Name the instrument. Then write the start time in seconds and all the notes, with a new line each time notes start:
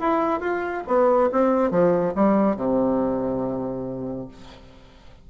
bassoon
0.00 E4
0.41 F4
0.88 B3
1.32 C4
1.71 F3
2.16 G3
2.57 C3